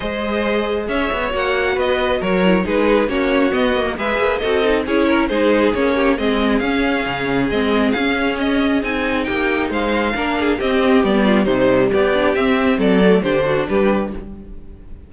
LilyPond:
<<
  \new Staff \with { instrumentName = "violin" } { \time 4/4 \tempo 4 = 136 dis''2 e''4 fis''4 | dis''4 cis''4 b'4 cis''4 | dis''4 e''4 dis''4 cis''4 | c''4 cis''4 dis''4 f''4~ |
f''4 dis''4 f''4 dis''4 | gis''4 g''4 f''2 | dis''4 d''4 c''4 d''4 | e''4 d''4 c''4 b'4 | }
  \new Staff \with { instrumentName = "violin" } { \time 4/4 c''2 cis''2 | b'4 ais'4 gis'4 fis'4~ | fis'4 b'4 a'4 gis'8 ais'8 | gis'4. g'8 gis'2~ |
gis'1~ | gis'4 g'4 c''4 ais'8 gis'8 | g'4. f'8 dis'4 g'4~ | g'4 a'4 g'8 fis'8 g'4 | }
  \new Staff \with { instrumentName = "viola" } { \time 4/4 gis'2. fis'4~ | fis'4. e'8 dis'4 cis'4 | b8 ais8 gis'4 fis'8 dis'8 e'4 | dis'4 cis'4 c'4 cis'4~ |
cis'4 c'4 cis'2 | dis'2. d'4 | c'4 b4 g4. d'8 | c'4. a8 d'2 | }
  \new Staff \with { instrumentName = "cello" } { \time 4/4 gis2 cis'8 b8 ais4 | b4 fis4 gis4 ais4 | b8. ais16 gis8 ais8 c'4 cis'4 | gis4 ais4 gis4 cis'4 |
cis4 gis4 cis'2 | c'4 ais4 gis4 ais4 | c'4 g4 c4 b4 | c'4 fis4 d4 g4 | }
>>